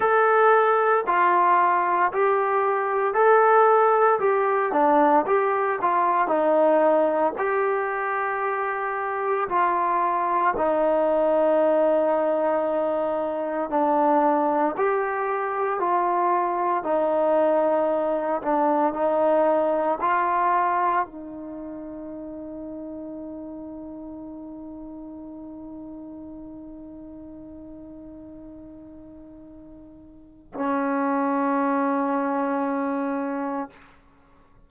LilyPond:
\new Staff \with { instrumentName = "trombone" } { \time 4/4 \tempo 4 = 57 a'4 f'4 g'4 a'4 | g'8 d'8 g'8 f'8 dis'4 g'4~ | g'4 f'4 dis'2~ | dis'4 d'4 g'4 f'4 |
dis'4. d'8 dis'4 f'4 | dis'1~ | dis'1~ | dis'4 cis'2. | }